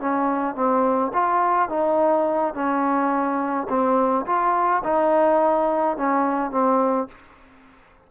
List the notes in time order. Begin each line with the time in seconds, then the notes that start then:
0.00 C#4
0.55 C4
1.13 F4
1.69 D#4
2.54 C#4
3.69 C4
4.26 F4
4.83 D#4
5.97 C#4
6.51 C4